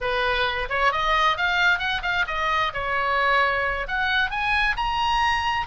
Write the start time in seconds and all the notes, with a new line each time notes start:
0.00 B4
0.69 C#5
0.92 D#5
1.37 F5
1.78 F#5
2.02 F5
2.27 D#5
2.73 C#5
3.87 F#5
4.30 G#5
4.76 A#5